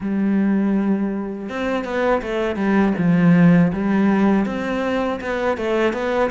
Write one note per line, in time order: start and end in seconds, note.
0.00 1.48 G3
1.49 1.84 C4
1.84 2.21 B3
2.22 2.56 A3
2.56 2.93 G3
2.98 3.72 F3
3.72 4.45 G3
4.45 5.20 C4
5.20 5.57 B3
5.57 5.93 A3
5.93 6.30 B3